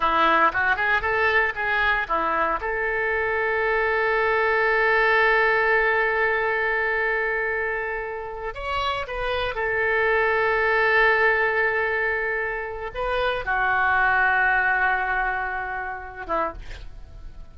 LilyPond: \new Staff \with { instrumentName = "oboe" } { \time 4/4 \tempo 4 = 116 e'4 fis'8 gis'8 a'4 gis'4 | e'4 a'2.~ | a'1~ | a'1~ |
a'8 cis''4 b'4 a'4.~ | a'1~ | a'4 b'4 fis'2~ | fis'2.~ fis'8 e'8 | }